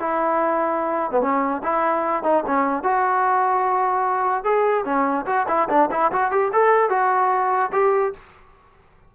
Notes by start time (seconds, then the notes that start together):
0.00 E4
1.12 B3
1.22 C#4
1.63 E4
2.24 D#4
2.47 C#4
2.84 F#4
4.44 G#4
4.85 C#4
5.26 F#4
5.48 E4
5.70 D4
5.92 E4
6.12 F#4
6.32 G4
6.53 A4
6.90 F#4
7.73 G4